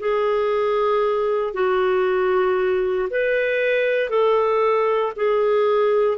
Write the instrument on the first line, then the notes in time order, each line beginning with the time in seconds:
clarinet
0.00 G#4
1.53 F#4
3.10 B4
4.10 A4
5.16 G#4